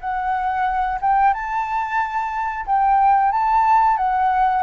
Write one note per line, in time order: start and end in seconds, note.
0.00 0.99 F#5
1.01 1.33 G5
1.33 2.65 A5
2.66 3.31 G5
3.32 3.97 A5
3.97 4.62 F#5